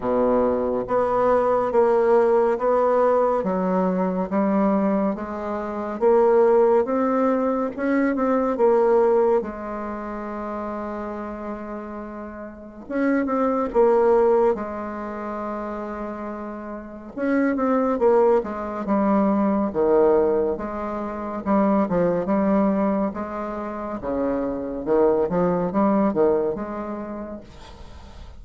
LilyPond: \new Staff \with { instrumentName = "bassoon" } { \time 4/4 \tempo 4 = 70 b,4 b4 ais4 b4 | fis4 g4 gis4 ais4 | c'4 cis'8 c'8 ais4 gis4~ | gis2. cis'8 c'8 |
ais4 gis2. | cis'8 c'8 ais8 gis8 g4 dis4 | gis4 g8 f8 g4 gis4 | cis4 dis8 f8 g8 dis8 gis4 | }